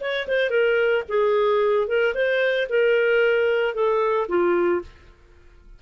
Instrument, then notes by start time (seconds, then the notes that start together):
clarinet
0.00 C#5
0.27 C5
0.50 A#4
1.08 G#4
1.87 A#4
2.14 C5
2.69 A#4
3.74 A4
4.28 F4